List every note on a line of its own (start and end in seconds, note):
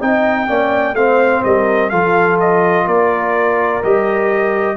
0.00 0.49 C4
0.00 0.47 D#4
0.00 0.48 D#5
0.00 0.95 G5
0.47 0.93 A#3
0.47 0.95 C#4
0.47 0.96 D5
0.93 1.41 A3
0.93 1.92 C4
0.93 1.44 C5
0.93 1.43 F5
1.44 1.92 G3
1.44 1.90 A#4
1.44 1.89 D#5
1.89 2.87 F3
1.89 3.82 F4
1.89 2.85 A4
1.89 2.37 F5
2.40 2.88 D#5
2.85 3.82 A#3
2.85 4.76 A#4
2.85 3.83 D5
3.83 4.77 G3
3.83 4.77 G4
3.83 4.77 D#5